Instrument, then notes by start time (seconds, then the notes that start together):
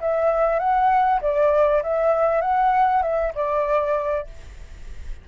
flute
0.00 E5
0.59 F#5
1.21 D5
1.82 E5
2.41 F#5
3.02 E5
3.35 D5